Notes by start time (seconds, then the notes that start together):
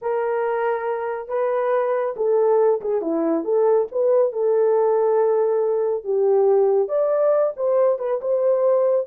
0.01 A#4
1.28 B4
2.16 A4
2.81 G#4
3.01 E4
3.44 A4
3.91 B4
4.32 A4
6.04 G4
6.88 D5
7.56 C5
7.99 B4
8.21 C5